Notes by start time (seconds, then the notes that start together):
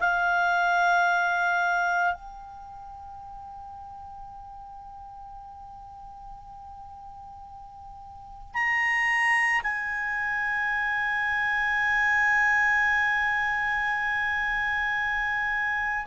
0.00 F5
2.14 G5
8.55 A#5
9.63 G#5